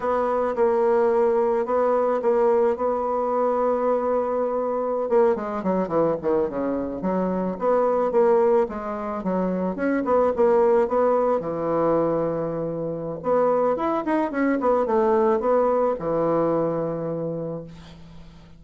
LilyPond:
\new Staff \with { instrumentName = "bassoon" } { \time 4/4 \tempo 4 = 109 b4 ais2 b4 | ais4 b2.~ | b4~ b16 ais8 gis8 fis8 e8 dis8 cis16~ | cis8. fis4 b4 ais4 gis16~ |
gis8. fis4 cis'8 b8 ais4 b16~ | b8. e2.~ e16 | b4 e'8 dis'8 cis'8 b8 a4 | b4 e2. | }